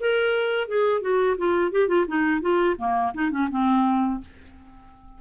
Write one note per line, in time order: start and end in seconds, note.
0.00 0.68 A#4
0.68 1.01 G#4
1.01 1.37 F#4
1.38 1.72 F4
1.72 1.88 G4
1.88 2.06 F4
2.08 2.41 D#4
2.41 2.77 F4
2.78 3.13 A#3
3.14 3.31 D#4
3.31 3.49 C#4
3.51 4.21 C4